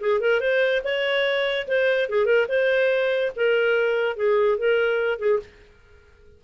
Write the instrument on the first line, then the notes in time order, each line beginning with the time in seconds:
clarinet
0.00 G#4
0.20 A#4
0.40 C5
0.84 C#5
1.67 C5
2.09 G#4
2.25 A#4
2.48 C5
3.35 A#4
4.16 G#4
4.58 A#4
5.18 G#4